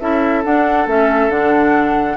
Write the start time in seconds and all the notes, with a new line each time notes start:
0.00 C#4 E4 A4 E5
0.45 D4 F#5
0.87 A3 C#4 E5
1.29 D3 D4 F#5